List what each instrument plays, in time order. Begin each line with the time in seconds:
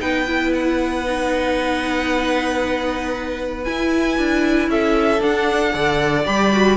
0.00 cello B3, viola D#4, violin B4 G5
0.27 viola E4
0.53 violin F#5
1.05 viola D#4
3.65 viola E4, cello E4, violin G#5
4.18 cello D4
4.69 cello C#4, violin A4 E5
5.20 viola D4, cello D4, violin F#5
5.73 cello D3, viola A4, violin D5
6.26 cello G3, viola G4, violin B5
6.53 viola F#4